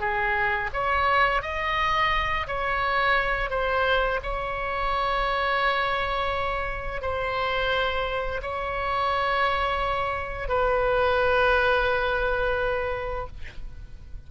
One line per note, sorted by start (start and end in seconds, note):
0.00 0.70 G#4
0.73 1.42 C#5
1.42 2.46 D#5
2.47 3.50 C#5
3.50 4.20 C5
4.23 7.01 C#5
7.01 8.41 C5
8.42 10.48 C#5
10.48 13.27 B4